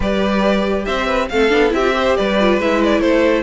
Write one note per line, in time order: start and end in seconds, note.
0.00 0.85 G3
0.00 1.30 G4
0.00 0.85 B4
0.00 0.85 D5
0.85 1.31 C4
0.85 1.06 C5
0.85 1.28 E5
1.06 1.28 B4
1.28 1.52 A3
1.28 1.49 C4
1.28 1.74 A4
1.28 1.71 F5
1.49 1.73 B3
1.49 1.70 D4
1.70 2.16 C4
1.70 1.80 E4
1.70 1.95 G4
1.70 2.16 E5
1.81 1.91 F4
1.92 2.36 G4
1.92 2.17 C5
2.16 2.58 G3
2.16 3.01 B4
2.16 2.59 D5
2.40 2.61 F4
2.58 3.00 G#3
2.58 3.42 E4
2.58 2.83 E5
2.83 3.00 D5
3.00 3.42 A3
3.00 3.42 A4
3.00 3.42 C5